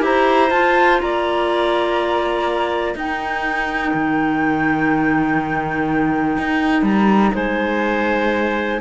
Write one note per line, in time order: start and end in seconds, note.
0.00 0.50 E4
0.00 0.49 G4
0.00 1.02 C5
0.00 0.51 A#5
0.50 0.99 F4
0.50 2.96 F4
0.50 0.99 A5
1.01 2.95 A#3
1.01 2.97 D5
1.01 2.96 A#5
2.95 3.92 D#4
2.95 8.81 D#4
2.95 7.34 A#4
2.95 6.85 G5
3.94 6.38 D#3
6.38 6.82 D#4
6.82 7.31 G3
6.82 7.34 A#5
7.34 8.81 G#3
7.34 8.81 C5
7.34 8.81 G#5